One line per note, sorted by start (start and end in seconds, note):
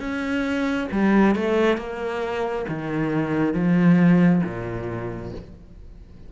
0.00 0.88 C#4
0.92 1.36 G3
1.36 1.78 A3
1.78 2.66 A#3
2.69 3.54 D#3
3.54 4.42 F3
4.44 5.33 A#2